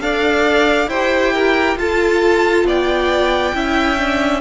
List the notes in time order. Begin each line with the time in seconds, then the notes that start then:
0.00 D4 A4 D5 F5
0.87 E4 G4 C5 G5
1.33 A#4
1.76 F4 A4 A5
2.64 B3 D5 G5
3.54 C#4 E4 E5
3.97 D4